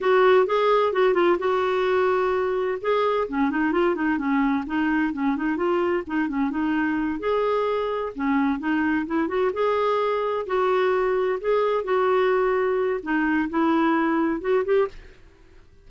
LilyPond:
\new Staff \with { instrumentName = "clarinet" } { \time 4/4 \tempo 4 = 129 fis'4 gis'4 fis'8 f'8 fis'4~ | fis'2 gis'4 cis'8 dis'8 | f'8 dis'8 cis'4 dis'4 cis'8 dis'8 | f'4 dis'8 cis'8 dis'4. gis'8~ |
gis'4. cis'4 dis'4 e'8 | fis'8 gis'2 fis'4.~ | fis'8 gis'4 fis'2~ fis'8 | dis'4 e'2 fis'8 g'8 | }